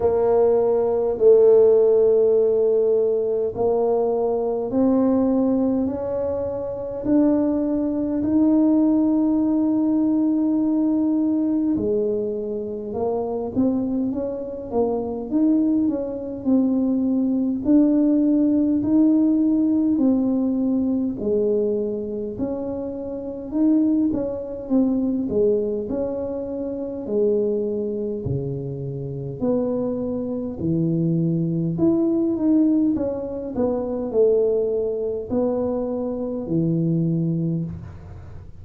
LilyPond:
\new Staff \with { instrumentName = "tuba" } { \time 4/4 \tempo 4 = 51 ais4 a2 ais4 | c'4 cis'4 d'4 dis'4~ | dis'2 gis4 ais8 c'8 | cis'8 ais8 dis'8 cis'8 c'4 d'4 |
dis'4 c'4 gis4 cis'4 | dis'8 cis'8 c'8 gis8 cis'4 gis4 | cis4 b4 e4 e'8 dis'8 | cis'8 b8 a4 b4 e4 | }